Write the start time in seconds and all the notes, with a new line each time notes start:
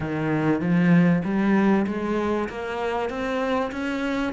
0.00 D#3
0.60 F3
1.24 G3
1.86 G#3
2.49 A#3
3.09 C4
3.71 C#4